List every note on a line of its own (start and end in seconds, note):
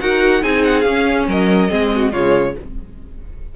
0.00 0.43 D#4
0.00 0.41 F#4
0.00 0.42 A#4
0.00 0.43 F#5
0.41 0.85 C4
0.41 0.84 D#4
0.41 1.27 G#4
0.41 0.64 G#5
0.64 0.81 F#5
0.81 1.27 C#4
0.81 1.69 C#4
0.81 1.24 F5
1.27 1.70 F#3
1.27 1.71 A#4
1.27 2.12 D#5
1.69 2.13 G#3
1.69 2.12 C4
1.69 1.92 G#4
1.95 2.12 F#4
2.12 2.55 C#3
2.12 2.56 G#3
2.12 2.55 F4
2.12 2.55 C#5